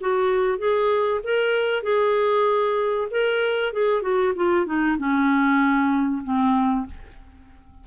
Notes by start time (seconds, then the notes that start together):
0.00 F#4
0.58 G#4
1.23 A#4
1.82 G#4
3.11 A#4
3.72 G#4
4.01 F#4
4.35 F4
4.66 D#4
4.98 C#4
6.23 C4